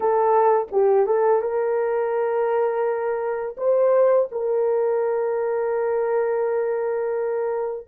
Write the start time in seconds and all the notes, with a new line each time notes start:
0.00 A4
0.71 G4
1.06 A4
1.41 A#4
3.57 C5
4.31 A#4